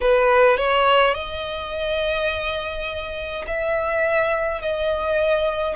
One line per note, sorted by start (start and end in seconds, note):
0.00 0.57 B4
0.57 1.14 C#5
1.14 3.45 D#5
3.47 4.61 E5
4.61 5.76 D#5